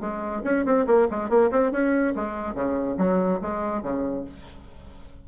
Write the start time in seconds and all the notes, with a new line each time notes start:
0.00 G#3
0.44 C#4
0.65 C4
0.87 A#3
1.10 G#3
1.29 A#3
1.51 C4
1.72 C#4
2.15 G#3
2.54 C#3
2.98 F#3
3.41 G#3
3.82 C#3